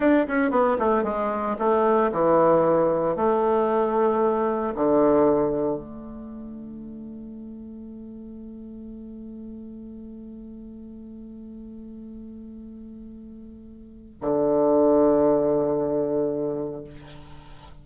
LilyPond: \new Staff \with { instrumentName = "bassoon" } { \time 4/4 \tempo 4 = 114 d'8 cis'8 b8 a8 gis4 a4 | e2 a2~ | a4 d2 a4~ | a1~ |
a1~ | a1~ | a2. d4~ | d1 | }